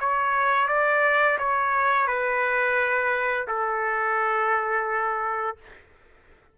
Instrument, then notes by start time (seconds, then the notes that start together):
trumpet
0.00 C#5
0.68 D5
1.39 C#5
2.08 B4
3.48 A4